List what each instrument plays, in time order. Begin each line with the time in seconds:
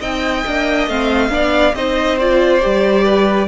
0.00 cello C4, viola D#4, violin D#5 G5
0.46 cello A#3, viola D4
0.87 cello A3, viola C4, violin F5
1.29 cello B3, viola D4, violin D5
1.73 cello C4, viola D#4, violin C5 D#5
2.18 viola F4, violin D5
2.61 cello G3, viola G4
3.04 violin B4